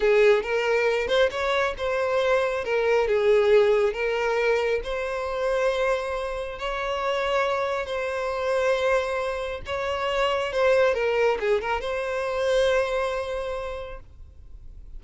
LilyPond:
\new Staff \with { instrumentName = "violin" } { \time 4/4 \tempo 4 = 137 gis'4 ais'4. c''8 cis''4 | c''2 ais'4 gis'4~ | gis'4 ais'2 c''4~ | c''2. cis''4~ |
cis''2 c''2~ | c''2 cis''2 | c''4 ais'4 gis'8 ais'8 c''4~ | c''1 | }